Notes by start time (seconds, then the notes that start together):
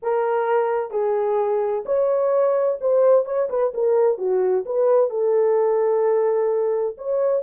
0.02 A#4
0.90 G#4
1.85 C#5
2.80 C5
3.25 C#5
3.49 B4
3.74 A#4
4.18 F#4
4.65 B4
5.10 A4
6.97 C#5